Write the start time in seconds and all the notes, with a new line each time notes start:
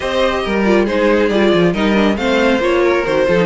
0.00 C4 G4 C5 D#5
0.44 G3 A#4
0.63 F4 D5
0.85 G#3 D#4 G#4 C5
1.29 G3 F4 D5
1.53 F3
1.72 G3 D#4 A#4 D#5
1.93 D4
2.16 A3 C4 C5 F5
2.59 A#3 F4 C#5
2.82 A#4
3.05 D#3 F#4 C5
3.26 F3 F4 A4
3.36 D#4